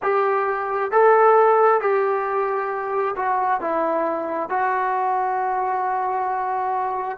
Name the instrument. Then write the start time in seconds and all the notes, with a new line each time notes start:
trombone
0.02 G4
0.91 A4
1.81 G4
3.15 F#4
3.61 E4
4.49 F#4